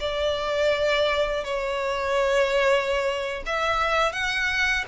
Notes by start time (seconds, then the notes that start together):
0.00 D5
1.45 C#5
3.46 E5
4.12 F#5